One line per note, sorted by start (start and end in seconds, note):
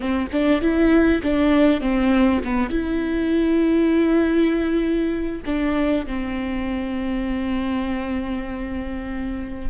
0.00 0.27 C4
0.32 0.61 D4
0.61 1.21 E4
1.22 1.80 D4
1.80 2.41 C4
2.44 2.69 B3
2.69 5.42 E4
5.45 6.06 D4
6.06 9.69 C4